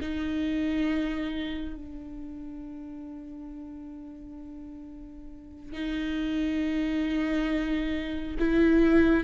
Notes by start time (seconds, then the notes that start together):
0.00 D#4
1.76 D4
5.72 D#4
8.39 E4